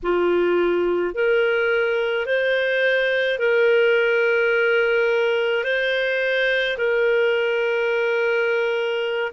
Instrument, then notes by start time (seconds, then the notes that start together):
clarinet
0.03 F4
1.14 A#4
2.26 C5
3.39 A#4
5.63 C5
6.77 A#4